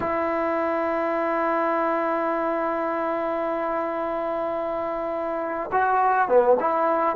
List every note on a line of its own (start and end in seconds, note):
0.00 5.70 E4
5.72 6.28 F#4
6.28 6.56 B3
6.60 7.16 E4